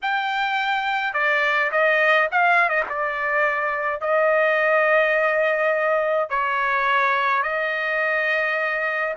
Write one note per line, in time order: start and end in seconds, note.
0.02 1.13 G5
1.13 1.70 D5
1.71 2.29 D#5
2.31 2.69 F5
2.69 2.83 D#5
2.89 4.01 D5
4.01 6.29 D#5
6.29 7.42 C#5
7.42 9.14 D#5